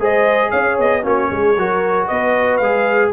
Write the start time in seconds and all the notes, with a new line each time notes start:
0.00 G#3 G#4 C5 D#5
0.51 C#4 C#5 F5
0.79 B3 D#5
1.03 A#3 C#4 F#4 C#5
1.31 G#3 G#4
1.57 F#3 F#4 A#4
2.07 B3 B4 D#5
2.57 G#3 G#4 F5